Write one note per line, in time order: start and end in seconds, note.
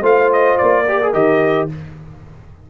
0.00 0.56 A3
0.00 0.85 F4
0.00 0.83 C5
0.00 0.32 F5
0.32 0.57 D#5
0.57 1.13 A#3
0.57 1.12 D5
0.87 1.01 G4
0.87 1.70 A#4
1.02 1.14 G#4
1.13 1.68 D#3
1.13 1.69 G4
1.13 1.68 D#5